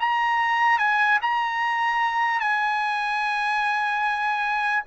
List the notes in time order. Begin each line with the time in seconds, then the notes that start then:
0.00 A#5
0.79 G#5
1.22 A#5
2.40 G#5